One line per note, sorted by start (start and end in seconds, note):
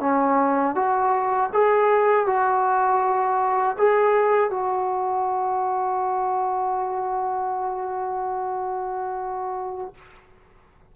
0.00 0.75 C#4
0.75 1.50 F#4
1.53 2.26 G#4
2.26 3.76 F#4
3.77 4.50 G#4
4.50 9.94 F#4